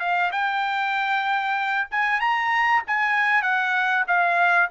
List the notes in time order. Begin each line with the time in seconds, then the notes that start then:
0.00 F5
0.32 G5
1.91 G#5
2.20 A#5
2.87 G#5
3.42 F#5
4.08 F5